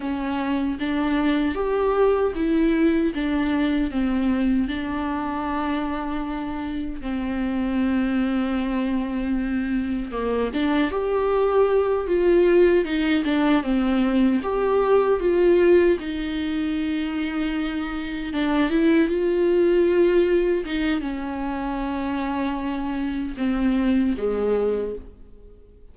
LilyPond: \new Staff \with { instrumentName = "viola" } { \time 4/4 \tempo 4 = 77 cis'4 d'4 g'4 e'4 | d'4 c'4 d'2~ | d'4 c'2.~ | c'4 ais8 d'8 g'4. f'8~ |
f'8 dis'8 d'8 c'4 g'4 f'8~ | f'8 dis'2. d'8 | e'8 f'2 dis'8 cis'4~ | cis'2 c'4 gis4 | }